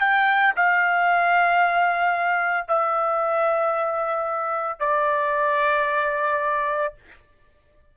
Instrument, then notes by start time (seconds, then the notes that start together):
trumpet
0.00 G5
0.56 F5
2.68 E5
4.80 D5